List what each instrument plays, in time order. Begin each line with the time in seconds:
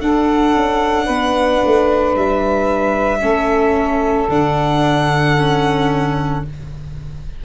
0.00 viola D4, tuba D4, saxophone A4, violin F#5
0.54 tuba C#4
1.04 tuba B3, saxophone B4
1.65 tuba A3
2.15 tuba G3, violin E5
3.20 tuba A3, viola C#4, saxophone A4
4.28 tuba D3, viola D4, violin F#5
5.37 viola C#4